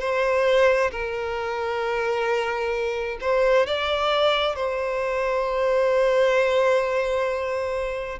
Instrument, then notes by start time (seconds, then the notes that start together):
violin
0.00 C5
0.91 A#4
3.21 C5
3.66 D5
4.55 C5